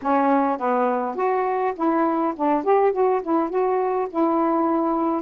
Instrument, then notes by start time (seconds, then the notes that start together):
saxophone
0.02 C#4
0.57 B3
1.15 F#4
1.76 E4
2.36 D4
2.63 G4
2.92 F#4
3.22 E4
3.50 F#4
4.10 E4